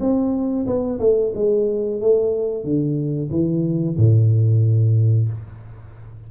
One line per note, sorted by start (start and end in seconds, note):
0.00 0.66 C4
0.66 0.99 B3
1.00 1.32 A3
1.35 2.00 G#3
2.01 2.64 A3
2.64 3.30 D3
3.30 3.96 E3
3.97 5.29 A2